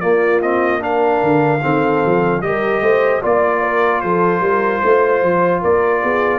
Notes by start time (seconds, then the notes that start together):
0.00 A#3 F4 D5
0.41 C4 D#5
0.79 D4 A#4 F5
1.22 D3
1.62 D#3 C4 A4
2.05 F3
2.41 G3 G4 A#4 D#5
2.80 A3 C5
3.21 A#3 F4 D5
3.62 A#4
4.01 F3 A4 C5
4.41 G3 A#4
4.83 A3 C5
5.23 F3
5.61 A#3 A#4 D5
6.02 B3 G#4